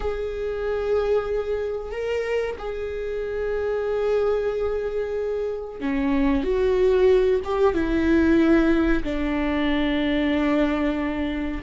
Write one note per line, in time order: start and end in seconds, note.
0.00 1.91 G#4
1.91 2.56 A#4
2.58 5.80 G#4
5.80 6.43 C#4
6.43 7.40 F#4
7.44 7.74 G4
7.74 9.03 E4
9.03 11.61 D4